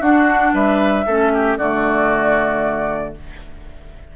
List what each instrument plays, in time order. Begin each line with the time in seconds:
0.00 bassoon D4, clarinet D4, oboe F#4, flute F#5
0.53 bassoon G3, oboe B4, flute E5
1.06 bassoon A3, clarinet C#4, oboe A4
1.33 oboe G4
1.57 bassoon D3, clarinet A3, oboe F#4, flute D5